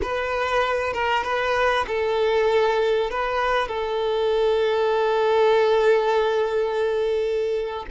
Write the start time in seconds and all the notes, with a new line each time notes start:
0.01 B4
0.93 A#4
1.23 B4
1.87 A4
3.10 B4
3.68 A4